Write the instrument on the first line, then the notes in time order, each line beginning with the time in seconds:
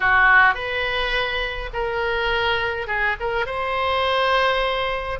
oboe
0.00 F#4
0.54 B4
1.73 A#4
2.87 G#4
3.20 A#4
3.46 C5